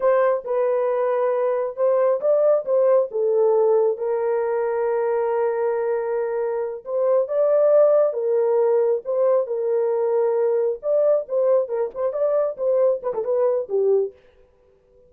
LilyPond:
\new Staff \with { instrumentName = "horn" } { \time 4/4 \tempo 4 = 136 c''4 b'2. | c''4 d''4 c''4 a'4~ | a'4 ais'2.~ | ais'2.~ ais'8 c''8~ |
c''8 d''2 ais'4.~ | ais'8 c''4 ais'2~ ais'8~ | ais'8 d''4 c''4 ais'8 c''8 d''8~ | d''8 c''4 b'16 a'16 b'4 g'4 | }